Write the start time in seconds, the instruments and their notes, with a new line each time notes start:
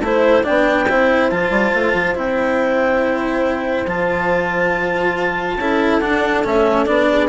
0.00 bassoon A3, cello E4, horn C5, clarinet C5
0.44 bassoon B3, cello D4, horn D5, clarinet G5
0.89 bassoon C4, cello E4, horn C5
1.30 bassoon F3, cello F4, clarinet A5
1.50 bassoon G3
1.74 bassoon A3
1.93 bassoon F3
2.15 bassoon C4, cello E4, clarinet G5
3.87 bassoon F3, cello F4, clarinet A5
5.57 bassoon C#4, cello E4, horn A4
6.00 cello D4, bassoon D4, clarinet F#5
6.44 bassoon A3, cello C#4, clarinet E5
6.86 bassoon B3, cello D4, clarinet D5
7.10 horn G#4